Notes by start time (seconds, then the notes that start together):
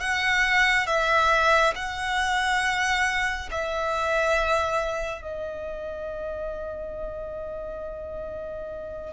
0.00 F#5
0.87 E5
1.75 F#5
3.51 E5
5.22 D#5